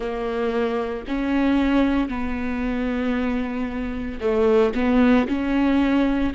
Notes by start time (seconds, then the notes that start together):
0.00 A#3
1.07 C#4
2.09 B3
4.20 A3
4.74 B3
5.27 C#4